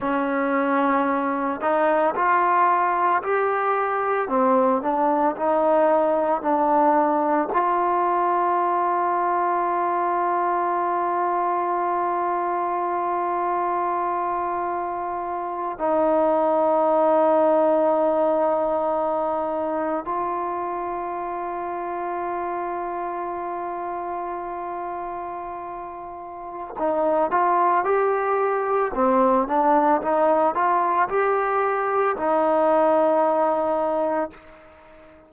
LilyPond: \new Staff \with { instrumentName = "trombone" } { \time 4/4 \tempo 4 = 56 cis'4. dis'8 f'4 g'4 | c'8 d'8 dis'4 d'4 f'4~ | f'1~ | f'2~ f'8. dis'4~ dis'16~ |
dis'2~ dis'8. f'4~ f'16~ | f'1~ | f'4 dis'8 f'8 g'4 c'8 d'8 | dis'8 f'8 g'4 dis'2 | }